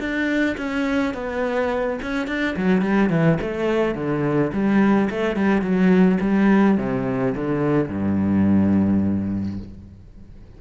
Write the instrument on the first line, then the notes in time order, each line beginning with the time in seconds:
cello
0.00 D4
0.58 C#4
1.15 B3
2.03 C#4
2.28 D4
2.57 F#3
2.82 G3
3.10 E3
3.42 A3
3.95 D3
4.53 G3
5.11 A3
5.36 G3
5.62 F#3
6.21 G3
6.78 C3
7.36 D3
7.90 G2